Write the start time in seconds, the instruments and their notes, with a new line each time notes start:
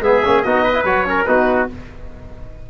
0.00 tuba G#3, trombone B3, trumpet G#4, oboe E5
0.25 tuba A#3, trombone C#4
0.42 tuba B3, trombone D#4, trumpet F#4, oboe D#5
0.64 trumpet B4
0.74 trombone E4
0.84 tuba F#3, trombone F#4, oboe C#5
1.05 trombone C#4, trumpet A#4
1.25 tuba B3, trombone D#4, trumpet F#4, oboe B4